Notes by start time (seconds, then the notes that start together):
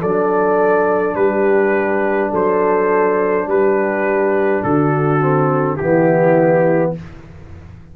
0.00 F#3 D4 A4 D5
1.15 G3 G4 B4
2.31 F#3 A4 C5
3.47 G3 G4 B4
4.63 D3 F#4 A4
5.20 C4
5.76 E3 B3 E4 G4